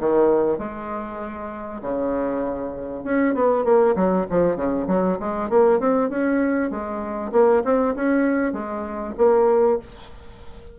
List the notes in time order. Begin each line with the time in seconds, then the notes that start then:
0.00 D#3
0.59 G#3
1.82 C#3
3.04 C#4
3.35 B3
3.65 A#3
3.96 F#3
4.30 F3
4.56 C#3
4.88 F#3
5.20 G#3
5.50 A#3
5.80 C4
6.10 C#4
6.71 G#3
7.32 A#3
7.65 C4
7.95 C#4
8.53 G#3
9.18 A#3